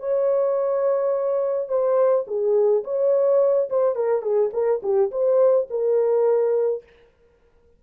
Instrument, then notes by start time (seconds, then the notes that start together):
horn
0.00 C#5
1.69 C5
2.27 G#4
2.84 C#5
3.70 C5
3.95 A#4
4.22 G#4
4.53 A#4
4.83 G4
5.11 C5
5.70 A#4